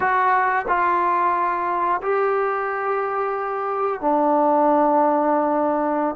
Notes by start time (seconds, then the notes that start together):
0.00 F#4
0.68 F4
2.02 G4
4.01 D4